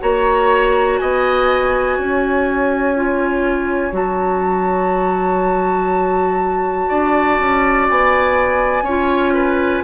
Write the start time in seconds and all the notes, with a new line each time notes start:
0.00 A#3 F#4 C#5 A#5
0.98 B3 D#5 G#5
1.98 C#4 C#5
2.96 F4
3.92 F#3 F#4 A5
6.89 D4 D5
7.39 C#4
7.89 B3 G#5
8.82 C#4 C#5
8.89 F4
9.34 B4